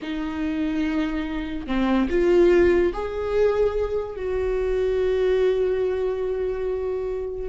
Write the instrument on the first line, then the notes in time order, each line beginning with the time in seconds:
viola
0.02 D#4
1.66 C4
2.09 F4
2.93 G#4
4.16 F#4